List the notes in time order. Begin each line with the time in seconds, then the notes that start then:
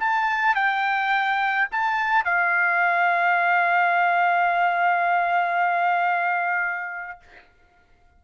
0.00 A5
0.56 G5
1.72 A5
2.25 F5